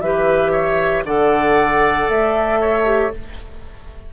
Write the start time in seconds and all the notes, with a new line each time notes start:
0.00 E3 G4 B4 E5
0.52 C#5
1.04 D3 A4 D5 F#5
2.09 A3 E5
2.60 C#5
2.85 G4